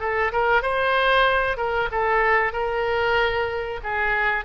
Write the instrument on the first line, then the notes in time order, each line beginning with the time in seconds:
oboe
0.00 A4
0.32 A#4
0.62 C5
1.57 A#4
1.91 A4
2.53 A#4
3.84 G#4